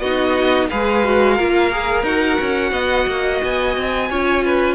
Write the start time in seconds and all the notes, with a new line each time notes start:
0.00 B3 D#4 F#4 D#5
0.70 G#3 G#4 B4 F5
1.05 F#4
1.35 A#3 F4 A#4
1.71 G#4
2.03 D#4 F#4 F#5
2.41 C#4
2.72 B3 D#5
3.07 A#3
3.44 B3 G#5
3.77 C4
4.11 C#4 F4 C#5
4.45 B4